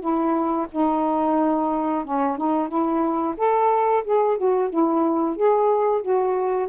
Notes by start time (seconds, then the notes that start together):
0.00 E4
0.72 D#4
2.05 C#4
2.38 D#4
2.68 E4
3.37 A4
4.04 G#4
4.37 F#4
4.70 E4
5.36 G#4
6.02 F#4